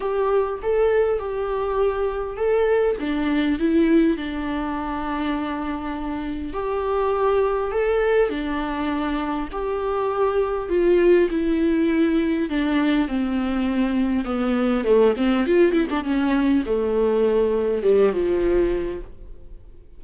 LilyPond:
\new Staff \with { instrumentName = "viola" } { \time 4/4 \tempo 4 = 101 g'4 a'4 g'2 | a'4 d'4 e'4 d'4~ | d'2. g'4~ | g'4 a'4 d'2 |
g'2 f'4 e'4~ | e'4 d'4 c'2 | b4 a8 c'8 f'8 e'16 d'16 cis'4 | a2 g8 f4. | }